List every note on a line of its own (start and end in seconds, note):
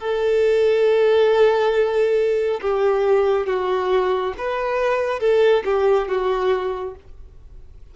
0.00 2.61 A4
2.62 3.47 G4
3.47 4.34 F#4
4.38 5.21 B4
5.21 5.64 A4
5.65 6.09 G4
6.09 6.96 F#4